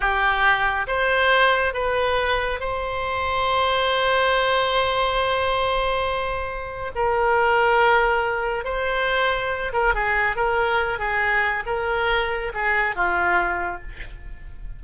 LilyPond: \new Staff \with { instrumentName = "oboe" } { \time 4/4 \tempo 4 = 139 g'2 c''2 | b'2 c''2~ | c''1~ | c''1 |
ais'1 | c''2~ c''8 ais'8 gis'4 | ais'4. gis'4. ais'4~ | ais'4 gis'4 f'2 | }